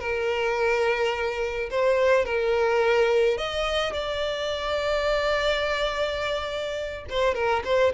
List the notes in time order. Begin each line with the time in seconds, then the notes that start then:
0.00 A#4
1.71 C5
2.26 A#4
3.38 D#5
3.94 D5
7.10 C5
7.35 A#4
7.65 C5